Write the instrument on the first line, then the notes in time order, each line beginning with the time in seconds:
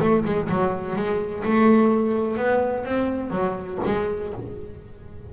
double bass
0.00 A3
0.24 G#3
0.48 F#3
0.95 G#3
1.44 A3
2.37 B3
2.84 C4
3.30 F#3
3.85 G#3